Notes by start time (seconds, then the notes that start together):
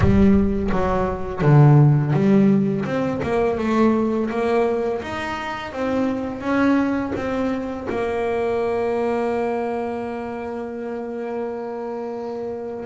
0.00 G3
0.71 F#3
1.41 D3
2.13 G3
2.85 C4
3.22 A#3
3.58 A3
4.30 A#3
5.02 D#4
5.72 C4
6.41 C#4
7.15 C4
7.89 A#3